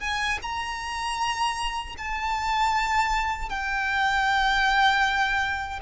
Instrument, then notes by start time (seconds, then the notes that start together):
violin
0.00 G#5
0.42 A#5
1.97 A5
3.49 G5